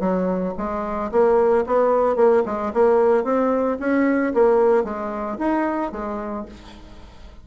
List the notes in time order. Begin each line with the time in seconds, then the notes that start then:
0.00 F#3
0.57 G#3
1.11 A#3
1.66 B3
2.16 A#3
2.45 G#3
2.73 A#3
3.24 C4
3.80 C#4
4.34 A#3
4.84 G#3
5.38 D#4
5.92 G#3